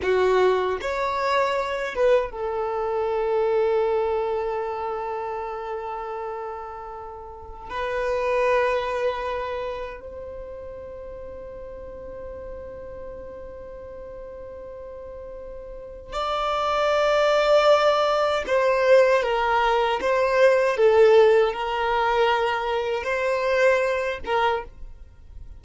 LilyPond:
\new Staff \with { instrumentName = "violin" } { \time 4/4 \tempo 4 = 78 fis'4 cis''4. b'8 a'4~ | a'1~ | a'2 b'2~ | b'4 c''2.~ |
c''1~ | c''4 d''2. | c''4 ais'4 c''4 a'4 | ais'2 c''4. ais'8 | }